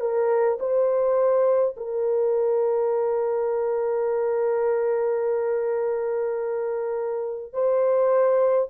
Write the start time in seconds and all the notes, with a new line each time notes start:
0.00 A#4
0.60 C5
1.77 A#4
7.53 C5